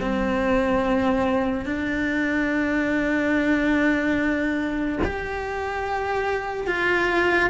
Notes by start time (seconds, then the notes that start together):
0.00 C4
1.65 D4
5.04 G4
6.67 F4